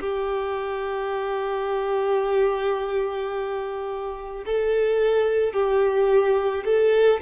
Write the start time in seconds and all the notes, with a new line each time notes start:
0.00 G4
4.46 A4
5.53 G4
6.65 A4